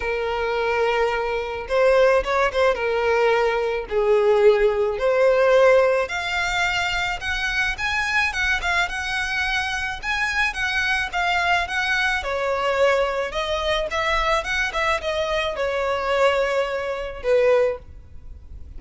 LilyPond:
\new Staff \with { instrumentName = "violin" } { \time 4/4 \tempo 4 = 108 ais'2. c''4 | cis''8 c''8 ais'2 gis'4~ | gis'4 c''2 f''4~ | f''4 fis''4 gis''4 fis''8 f''8 |
fis''2 gis''4 fis''4 | f''4 fis''4 cis''2 | dis''4 e''4 fis''8 e''8 dis''4 | cis''2. b'4 | }